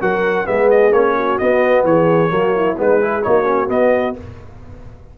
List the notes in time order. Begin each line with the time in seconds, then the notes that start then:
0.00 F#3 F#4 A#4 F#5
0.45 G#3 B3 G#4 E5
0.70 D#5
0.92 A#3 C#4 C#5
1.16 F#4
1.38 B3 D#5
1.84 E3 G#4 C#5
2.29 F#3 A#3 F#4
2.56 E4
2.77 G#3 B3 D#4 B4
3.01 E4 G#4
3.23 A#3 D#4 F#4 C#5
3.44 C#4
3.67 B3 D#5